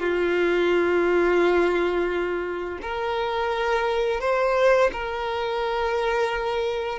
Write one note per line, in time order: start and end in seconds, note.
0.00 2.79 F4
2.82 4.21 A#4
4.21 4.91 C5
4.93 6.99 A#4